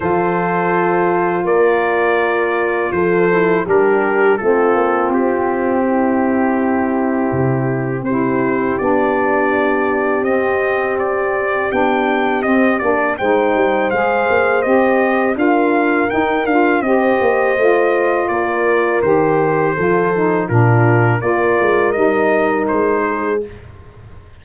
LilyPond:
<<
  \new Staff \with { instrumentName = "trumpet" } { \time 4/4 \tempo 4 = 82 c''2 d''2 | c''4 ais'4 a'4 g'4~ | g'2. c''4 | d''2 dis''4 d''4 |
g''4 dis''8 d''8 g''4 f''4 | dis''4 f''4 g''8 f''8 dis''4~ | dis''4 d''4 c''2 | ais'4 d''4 dis''4 c''4 | }
  \new Staff \with { instrumentName = "horn" } { \time 4/4 a'2 ais'2 | a'4 g'4 f'2 | e'2. g'4~ | g'1~ |
g'2 c''2~ | c''4 ais'2 c''4~ | c''4 ais'2 a'4 | f'4 ais'2~ ais'8 gis'8 | }
  \new Staff \with { instrumentName = "saxophone" } { \time 4/4 f'1~ | f'8 e'8 d'4 c'2~ | c'2. e'4 | d'2 c'2 |
d'4 c'8 d'8 dis'4 gis'4 | g'4 f'4 dis'8 f'8 g'4 | f'2 g'4 f'8 dis'8 | d'4 f'4 dis'2 | }
  \new Staff \with { instrumentName = "tuba" } { \time 4/4 f2 ais2 | f4 g4 a8 ais8 c'4~ | c'2 c4 c'4 | b2 c'2 |
b4 c'8 ais8 gis8 g8 gis8 ais8 | c'4 d'4 dis'8 d'8 c'8 ais8 | a4 ais4 dis4 f4 | ais,4 ais8 gis8 g4 gis4 | }
>>